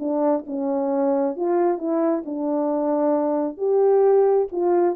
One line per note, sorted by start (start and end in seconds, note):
0.00 0.45 D4
0.47 1.36 C#4
1.36 1.79 F4
1.79 2.24 E4
2.26 3.58 D4
3.58 4.48 G4
4.52 4.96 F4